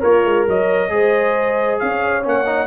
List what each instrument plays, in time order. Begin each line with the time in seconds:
0.00 tuba A#3, horn F4, trombone A#4, trumpet C#5
0.25 tuba G#3
0.47 tuba F#3, horn C#5, trumpet D#5
0.89 tuba G#3, trombone G#4, horn C5
1.79 tuba C#4, horn C#5, trumpet F5
2.23 tuba A#3, trombone C#4, trumpet F#5
2.46 trombone D#4